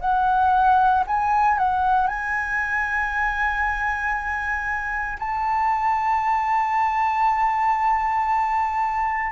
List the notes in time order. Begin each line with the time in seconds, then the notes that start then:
0.00 F#5
1.07 G#5
1.58 F#5
2.07 G#5
5.19 A5